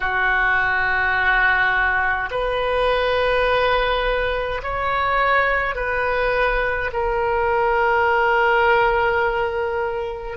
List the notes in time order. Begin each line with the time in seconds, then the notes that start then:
0.00 F#4
2.31 B4
4.63 C#5
5.75 B4
6.92 A#4